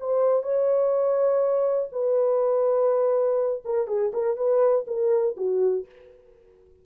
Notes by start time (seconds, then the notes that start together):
0.00 C5
0.43 C#5
1.92 B4
3.65 A#4
3.87 G#4
4.13 A#4
4.37 B4
4.87 A#4
5.37 F#4